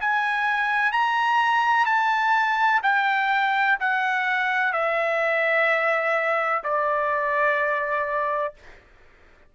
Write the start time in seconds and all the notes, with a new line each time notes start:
0.00 G#5
0.92 A#5
1.85 A5
2.83 G5
3.80 F#5
4.73 E5
6.63 D5